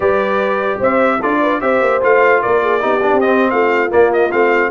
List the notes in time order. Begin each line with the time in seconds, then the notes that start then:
0.00 G3 G4 B4 D5
0.79 C4 C5 E5
1.20 D4 F4 A4 D5
1.41 B4
1.60 C4 G4 C5 E5
1.81 A#3
2.01 A3 F4 F5
2.42 A#3 A#4 D5
2.62 G#4
2.80 B3 D#4 G4
3.02 D4
3.12 C4
3.20 C4 D#5
3.50 A3 F4 F5
3.90 A#3 D5
4.13 D#5
4.31 A3 C4 F5